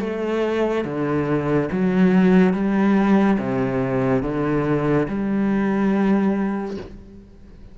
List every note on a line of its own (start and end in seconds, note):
0.00 0.85 A3
0.85 1.69 D3
1.72 2.53 F#3
2.53 3.38 G3
3.39 4.23 C3
4.23 5.07 D3
5.08 6.77 G3